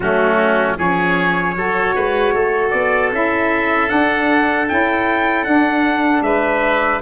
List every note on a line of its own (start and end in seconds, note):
0.00 0.77 F#3
0.00 0.76 A3
0.00 0.77 C#4
0.00 0.78 F#4
0.76 1.56 F3
0.76 1.54 C#4
0.76 1.55 G#4
0.76 2.70 C#5
1.56 1.95 F#3
1.56 3.12 F#4
1.56 1.95 A4
1.95 2.33 G#3
1.95 2.33 B4
2.33 2.72 A3
2.33 6.23 A4
2.70 3.12 B3
2.70 3.09 D5
3.12 3.90 C#4
3.12 3.87 E4
3.12 3.89 E5
3.87 4.65 D4
3.87 4.69 D4
3.87 4.67 F#5
4.68 5.45 C#4
4.68 5.45 E4
4.68 5.44 G5
5.44 7.01 D4
5.44 6.21 D4
5.44 6.22 F#5
6.21 6.99 G#3
6.21 7.02 B4
6.21 7.00 E5